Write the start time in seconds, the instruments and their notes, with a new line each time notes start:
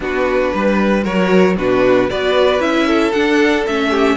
0.00 cello B3, viola D4, violin F#4 B4
0.54 cello G3, violin B4
1.03 cello F#3, viola F#4, violin A#4 C#5
1.56 cello B2, viola D4, violin F#4 B4
2.10 cello B3, viola F#4, violin B4 D5
2.59 cello C#4, viola E4, violin E5
2.86 violin A4
3.12 viola D4, cello D4, violin F#5
3.66 cello A3, viola C#4, violin E5
3.90 violin G4